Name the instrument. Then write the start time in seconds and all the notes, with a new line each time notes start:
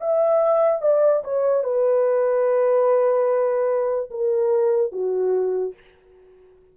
horn
0.00 E5
0.81 D5
1.24 C#5
1.63 B4
4.10 A#4
4.92 F#4